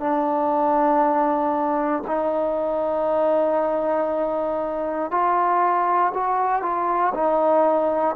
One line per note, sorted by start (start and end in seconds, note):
0.00 2.03 D4
2.07 5.11 D#4
5.11 6.12 F4
6.14 6.62 F#4
6.62 7.13 F4
7.14 8.16 D#4